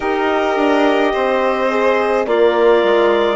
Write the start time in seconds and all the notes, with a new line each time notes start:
0.00 D#4 G4 A#4 D#5
0.56 D4
1.12 C4 C5
1.69 G#4
2.26 A#3 F4 A#4 D5
2.83 G#3